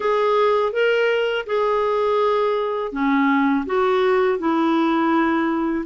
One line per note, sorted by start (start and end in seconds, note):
0.00 0.72 G#4
0.72 1.45 A#4
1.46 2.92 G#4
2.92 3.65 C#4
3.66 4.39 F#4
4.39 5.85 E4